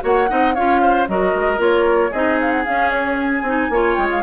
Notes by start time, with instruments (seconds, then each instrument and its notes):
0.00 bassoon A#3, clarinet F#4, oboe C#5, flute F#5
0.29 bassoon C4, clarinet D#4, oboe D#5
0.54 bassoon C#4, clarinet F4, oboe C#5, flute F5
0.82 oboe C5
1.07 bassoon F#3, clarinet F#4, oboe A#4, flute D#5
1.35 bassoon G#3
1.57 bassoon A#3, clarinet F4, flute C#5
2.11 bassoon C4, clarinet D#4, oboe G#4, flute D#5
2.41 flute F5
2.51 flute F#5
2.65 clarinet C#4, bassoon C#4, flute F5
2.91 flute C#5
3.20 flute G#5
3.42 bassoon C4, clarinet D#4
3.70 bassoon A#3, clarinet F4, oboe C#5
3.94 bassoon G#3, flute G5
4.11 flute F5